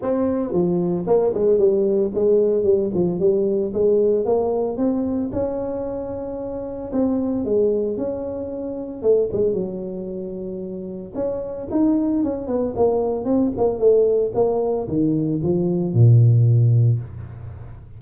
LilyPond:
\new Staff \with { instrumentName = "tuba" } { \time 4/4 \tempo 4 = 113 c'4 f4 ais8 gis8 g4 | gis4 g8 f8 g4 gis4 | ais4 c'4 cis'2~ | cis'4 c'4 gis4 cis'4~ |
cis'4 a8 gis8 fis2~ | fis4 cis'4 dis'4 cis'8 b8 | ais4 c'8 ais8 a4 ais4 | dis4 f4 ais,2 | }